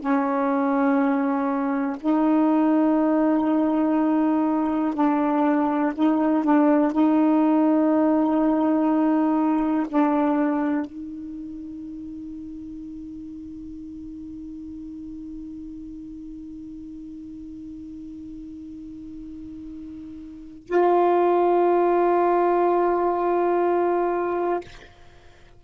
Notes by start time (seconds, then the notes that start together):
0.00 C#4
2.00 D#4
4.95 D4
5.95 D#4
6.44 D4
6.92 D#4
9.89 D4
10.86 D#4
20.67 F4